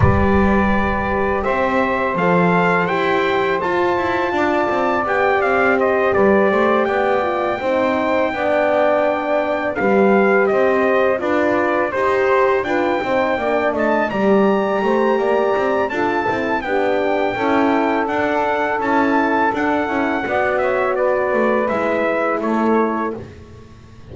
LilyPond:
<<
  \new Staff \with { instrumentName = "trumpet" } { \time 4/4 \tempo 4 = 83 d''2 e''4 f''4 | g''4 a''2 g''8 f''8 | dis''8 d''4 g''2~ g''8~ | g''4. f''4 dis''4 d''8~ |
d''8 c''4 g''4. a''8 ais''8~ | ais''2 a''4 g''4~ | g''4 fis''4 a''4 fis''4~ | fis''8 e''8 d''4 e''4 cis''4 | }
  \new Staff \with { instrumentName = "saxophone" } { \time 4/4 b'2 c''2~ | c''2 d''2 | c''8 b'8 c''8 d''4 c''4 d''8~ | d''4. b'4 c''4 b'8~ |
b'8 c''4 b'8 c''8 d''8 dis''8 d''8~ | d''8 c''8 d''4 a'4 g'4 | a'1 | d''8 cis''8 b'2 a'4 | }
  \new Staff \with { instrumentName = "horn" } { \time 4/4 g'2. a'4 | g'4 f'2 g'4~ | g'2 f'8 dis'4 d'8~ | d'4. g'2 f'8~ |
f'8 g'4 f'8 dis'8 d'4 g'8~ | g'2 f'8 e'8 d'4 | e'4 d'4 e'4 d'8 e'8 | fis'2 e'2 | }
  \new Staff \with { instrumentName = "double bass" } { \time 4/4 g2 c'4 f4 | e'4 f'8 e'8 d'8 c'8 b8 c'8~ | c'8 g8 a8 b4 c'4 b8~ | b4. g4 c'4 d'8~ |
d'8 dis'4 d'8 c'8 ais8 a8 g8~ | g8 a8 ais8 c'8 d'8 c'8 b4 | cis'4 d'4 cis'4 d'8 cis'8 | b4. a8 gis4 a4 | }
>>